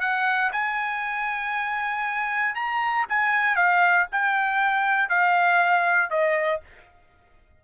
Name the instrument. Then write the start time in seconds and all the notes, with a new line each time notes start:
trumpet
0.00 F#5
0.52 G#5
2.55 A#5
3.09 G#5
3.56 F5
4.12 G5
5.09 F5
6.10 D#5